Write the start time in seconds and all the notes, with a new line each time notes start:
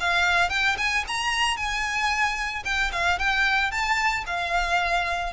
0.00 F5
0.49 G5
0.78 G#5
1.07 A#5
1.57 G#5
2.65 G5
2.92 F5
3.18 G5
3.71 A5
4.26 F5